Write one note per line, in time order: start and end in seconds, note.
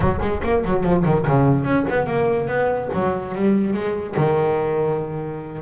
0.00 0.19 F#3
0.20 0.41 G#3
0.43 0.64 A#3
0.64 0.83 F#3
0.83 1.04 F3
1.04 1.25 D#3
1.27 1.64 C#3
1.64 1.85 C#4
1.89 2.06 B3
2.06 2.47 A#3
2.47 2.89 B3
2.93 3.34 F#3
3.34 3.73 G3
3.73 4.15 G#3
4.16 5.62 D#3